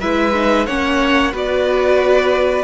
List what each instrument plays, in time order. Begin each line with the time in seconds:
0.00 cello G#3, viola E4, violin B4 E5
0.33 viola D#4
0.66 cello A#3, viola C#4, violin C#5 F#5
1.32 cello B3, viola F#4, violin B4 D5